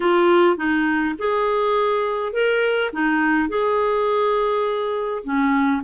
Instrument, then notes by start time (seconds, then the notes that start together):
clarinet
0.00 F4
0.56 D#4
1.18 G#4
2.32 A#4
2.92 D#4
3.48 G#4
5.23 C#4